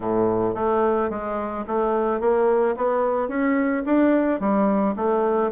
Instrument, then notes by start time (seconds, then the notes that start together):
bassoon
0.00 A2
0.55 A3
1.10 G#3
1.67 A3
2.20 A#3
2.76 B3
3.28 C#4
3.85 D4
4.39 G3
4.96 A3